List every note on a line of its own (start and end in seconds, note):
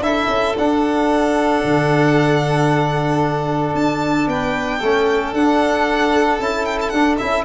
0.00 0.27 D4
0.00 0.55 E4
0.00 4.29 A4
0.00 0.55 E5
0.28 0.54 C#4
0.57 4.82 D4
0.57 1.64 D4
0.57 3.75 F#5
1.64 3.74 D3
3.74 4.27 D4
3.74 4.28 A5
4.27 4.80 B3
4.27 4.78 B4
4.27 5.34 G5
4.78 5.33 A3
4.78 5.36 C#4
4.78 7.44 A4
5.33 6.39 D4
5.33 6.40 D4
5.33 6.40 F#5
6.39 6.92 C#4
6.39 6.93 E4
6.39 6.65 A5
6.65 6.78 G5
6.81 6.89 A5
6.89 7.19 D4
6.89 7.15 F#5
7.18 7.44 C#4
7.18 7.44 E4
7.18 7.44 E5